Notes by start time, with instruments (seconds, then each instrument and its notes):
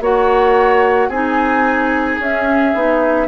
0.00 bassoon A#3, clarinet F#4, oboe C#5, flute F#5
1.08 bassoon C4, clarinet D#4, oboe G#4, flute G#5
2.19 bassoon C#4, clarinet C#4, flute E5
2.74 bassoon B3, clarinet D#4